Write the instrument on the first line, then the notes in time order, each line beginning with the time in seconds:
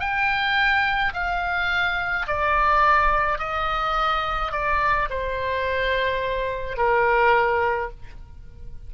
oboe
0.00 G5
1.14 F5
2.27 D5
3.39 D#5
4.52 D5
5.10 C5
6.78 A#4